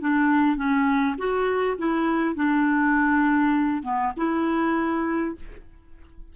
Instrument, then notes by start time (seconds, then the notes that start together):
clarinet
0.00 D4
0.56 C#4
1.17 F#4
1.77 E4
2.35 D4
3.83 B3
4.16 E4